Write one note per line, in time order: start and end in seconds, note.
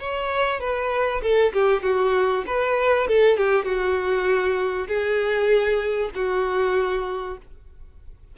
0.00 0.60 C#5
0.60 1.22 B4
1.22 1.53 A4
1.53 1.83 G4
1.83 2.44 F#4
2.47 3.08 B4
3.08 3.37 A4
3.37 3.65 G4
3.65 4.88 F#4
4.88 6.11 G#4
6.16 7.38 F#4